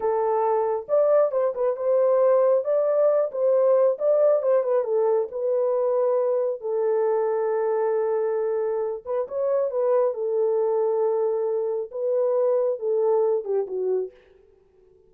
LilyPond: \new Staff \with { instrumentName = "horn" } { \time 4/4 \tempo 4 = 136 a'2 d''4 c''8 b'8 | c''2 d''4. c''8~ | c''4 d''4 c''8 b'8 a'4 | b'2. a'4~ |
a'1~ | a'8 b'8 cis''4 b'4 a'4~ | a'2. b'4~ | b'4 a'4. g'8 fis'4 | }